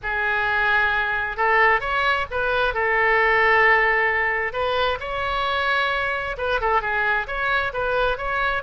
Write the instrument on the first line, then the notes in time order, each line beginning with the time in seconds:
oboe
0.02 G#4
1.36 A4
1.80 C#5
2.30 B4
2.74 A4
4.52 B4
5.00 C#5
6.37 B4
6.60 A4
6.81 G#4
7.27 C#5
7.73 B4
8.17 C#5